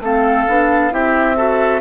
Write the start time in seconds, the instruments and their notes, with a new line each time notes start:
0.00 bassoon A3, clarinet C4, oboe A4, flute F5
0.48 bassoon B3, clarinet D4
0.90 bassoon C4, clarinet E4, oboe G4, flute E5
1.36 clarinet F#4, oboe A4